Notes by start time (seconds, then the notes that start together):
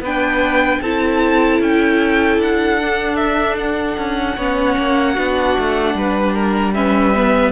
0.00 B3 D4 B4 G5
0.81 C4 E4 A4 A5
1.60 C#4 G5
2.38 D4 F#5
2.80 D4
3.16 E5
3.58 F#5
3.97 C#4
4.36 B3 C#4 C#5
4.77 A#3
5.13 B3 D4 F#4
5.58 A3
5.94 G3 B4
6.34 A#4
6.73 C#4 B4 E5
7.15 B3